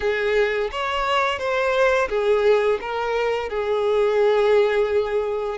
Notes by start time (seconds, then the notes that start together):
0.00 G#4
0.71 C#5
1.38 C5
2.09 G#4
2.80 A#4
3.49 G#4